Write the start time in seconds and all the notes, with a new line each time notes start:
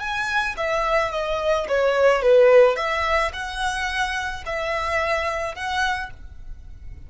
0.00 G#5
0.57 E5
1.11 D#5
1.68 C#5
2.22 B4
2.76 E5
3.33 F#5
4.46 E5
5.55 F#5